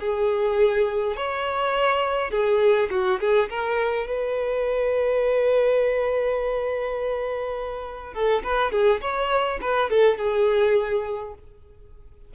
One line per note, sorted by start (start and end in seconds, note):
0.00 1.16 G#4
1.16 2.31 C#5
2.31 2.89 G#4
2.90 3.20 F#4
3.20 3.49 G#4
3.50 4.07 A#4
4.07 8.14 B4
8.14 8.43 A4
8.43 8.71 B4
8.71 9.01 G#4
9.01 9.59 C#5
9.61 9.90 B4
9.90 10.17 A4
10.17 11.34 G#4